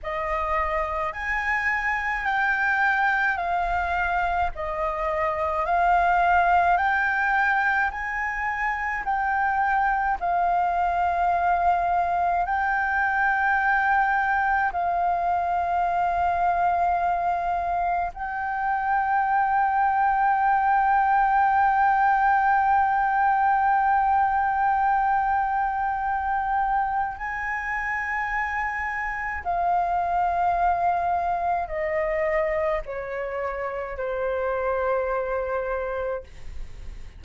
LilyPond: \new Staff \with { instrumentName = "flute" } { \time 4/4 \tempo 4 = 53 dis''4 gis''4 g''4 f''4 | dis''4 f''4 g''4 gis''4 | g''4 f''2 g''4~ | g''4 f''2. |
g''1~ | g''1 | gis''2 f''2 | dis''4 cis''4 c''2 | }